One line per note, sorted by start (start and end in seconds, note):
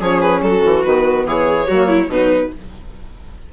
0.00 0.42 F3
0.00 0.82 C#4
0.00 0.42 G#4
0.00 0.20 C#5
0.20 0.41 B4
0.42 0.63 F#3
0.42 1.27 F#4
0.42 0.84 A4
0.65 0.86 E3
0.82 1.25 D#3
0.82 1.65 B3
0.82 1.25 B4
1.25 1.67 E3
1.25 1.68 G#4
1.25 2.11 C#5
1.68 2.08 F#3
1.68 2.07 A#3
1.68 1.88 F#4
1.88 2.09 E4
2.07 2.50 B2
2.07 2.49 F#3
2.07 2.53 D#4
2.07 2.52 B4